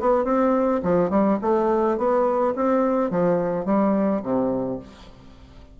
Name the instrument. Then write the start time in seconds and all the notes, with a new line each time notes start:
bassoon
0.00 B3
0.24 C4
0.83 F3
1.10 G3
1.42 A3
1.98 B3
2.55 C4
3.11 F3
3.65 G3
4.22 C3